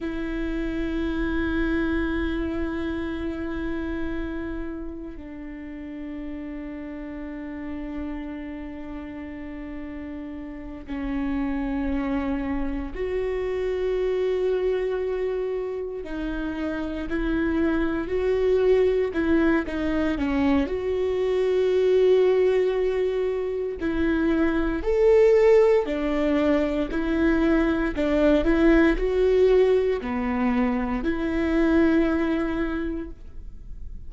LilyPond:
\new Staff \with { instrumentName = "viola" } { \time 4/4 \tempo 4 = 58 e'1~ | e'4 d'2.~ | d'2~ d'8 cis'4.~ | cis'8 fis'2. dis'8~ |
dis'8 e'4 fis'4 e'8 dis'8 cis'8 | fis'2. e'4 | a'4 d'4 e'4 d'8 e'8 | fis'4 b4 e'2 | }